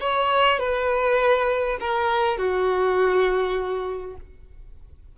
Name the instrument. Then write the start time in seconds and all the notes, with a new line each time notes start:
violin
0.00 C#5
0.59 B4
1.80 A#4
2.38 F#4